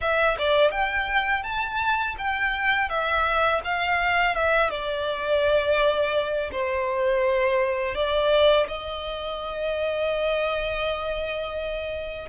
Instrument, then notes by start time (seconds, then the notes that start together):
violin
0.01 E5
0.38 D5
0.71 G5
1.43 A5
2.18 G5
2.89 E5
3.64 F5
4.34 E5
4.70 D5
6.51 C5
7.94 D5
8.67 D#5